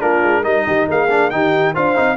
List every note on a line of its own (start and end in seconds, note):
0.00 0.23 A#3
0.00 0.43 D4
0.00 0.42 F4
0.00 0.44 A#4
0.23 0.44 G#3
0.42 0.66 G3
0.42 1.09 D#4
0.42 0.64 A#4
0.42 0.87 D#5
0.66 0.88 D#3
0.66 0.88 G4
0.89 1.32 A#3
0.89 1.33 G#4
0.89 1.30 F5
1.10 1.31 D4
1.30 1.76 D#3
1.30 1.75 D#4
1.30 1.74 G4
1.30 1.74 G5
1.74 1.98 D4
1.74 1.95 F4
1.74 2.16 C5
1.74 2.16 F5
1.95 2.16 C4
1.95 2.16 D#4